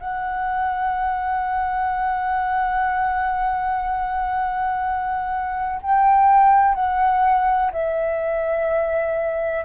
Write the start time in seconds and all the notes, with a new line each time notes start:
0.00 F#5
5.82 G5
6.75 F#5
7.72 E5